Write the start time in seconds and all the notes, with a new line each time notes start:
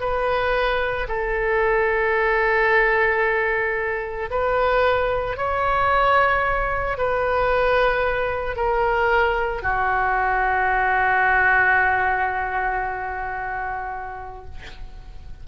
0.00 B4
1.08 A4
4.31 B4
5.37 C#5
6.97 B4
8.56 A#4
9.62 F#4